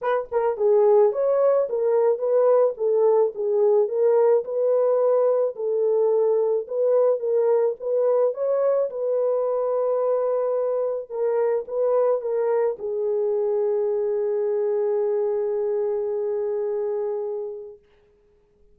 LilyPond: \new Staff \with { instrumentName = "horn" } { \time 4/4 \tempo 4 = 108 b'8 ais'8 gis'4 cis''4 ais'4 | b'4 a'4 gis'4 ais'4 | b'2 a'2 | b'4 ais'4 b'4 cis''4 |
b'1 | ais'4 b'4 ais'4 gis'4~ | gis'1~ | gis'1 | }